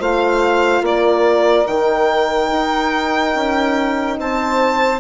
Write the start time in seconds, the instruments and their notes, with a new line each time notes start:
0.00 bassoon A3, horn F4, saxophone C5, violin F5
0.82 bassoon A#3, saxophone A#4, violin D5
1.67 bassoon D#3, horn D#4, violin G5
2.52 bassoon D#4
3.35 bassoon C#4
4.19 bassoon C4, saxophone C5, violin A5